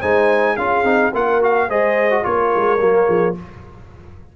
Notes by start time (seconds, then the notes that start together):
0.00 G#3 D#4 C5 G#5
0.56 C#4 F4 G#4 F5
0.83 C4 D#4
1.13 A#3 F4 A#4 F#5
1.41 F#4 F5
1.68 G#3 G#4 C5 D#5
2.10 F#4
2.22 A#3 F4 A#4 C#5
2.55 G#3
2.79 F#3 A#3
3.07 F3 G#4